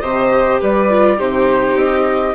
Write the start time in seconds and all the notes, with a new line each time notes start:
0.00 C3 G4 C5 D#5
0.60 G3 B4 D5
0.90 F4
1.17 C3 D#4 G4 C5
1.75 C4 D#5